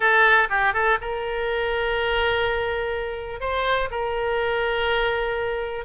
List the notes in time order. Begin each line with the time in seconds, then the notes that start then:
0.00 A4
0.49 G4
0.73 A4
1.01 A#4
3.40 C5
3.90 A#4